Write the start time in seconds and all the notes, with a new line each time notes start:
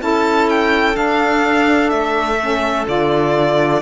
0.00 C#4 E4 A4 A5
0.50 G5
0.94 D4 F5
1.90 A3 E5
2.40 C#4
2.87 D3 F4 D5